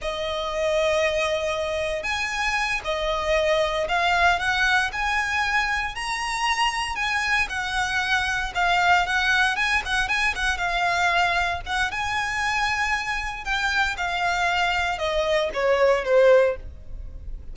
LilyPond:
\new Staff \with { instrumentName = "violin" } { \time 4/4 \tempo 4 = 116 dis''1 | gis''4. dis''2 f''8~ | f''8 fis''4 gis''2 ais''8~ | ais''4. gis''4 fis''4.~ |
fis''8 f''4 fis''4 gis''8 fis''8 gis''8 | fis''8 f''2 fis''8 gis''4~ | gis''2 g''4 f''4~ | f''4 dis''4 cis''4 c''4 | }